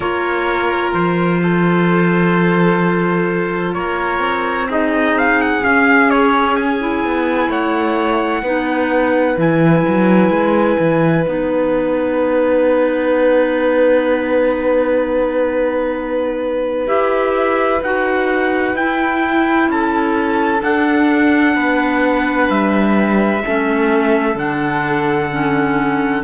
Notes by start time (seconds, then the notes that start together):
0.00 A#3 F4 A#4 C#5
0.93 F3 C5
1.42 A4
3.73 A#3 A#4 C#5
4.19 C4
4.68 D#4 G#4 D#5
5.18 F5
5.41 F#5
5.61 C#4 F5
6.10 C#5
6.56 G#5
6.79 E4
7.04 B3
7.48 A3 C#5 F#5
8.42 B3 D#4 B4
9.36 E3 E4 G#5
9.88 F#3
10.30 G#3
10.79 E3
11.24 B3 D#4 F#5
16.86 E4 G4 E5
17.81 D#4 F#4 F#5
18.74 E4 G5
19.68 C#4 A4 A5
20.58 D4 F#5
21.55 B3 B4
22.49 G3 E5
23.44 A3 C#4 A4
24.34 D3 D4 F#5
25.31 C#4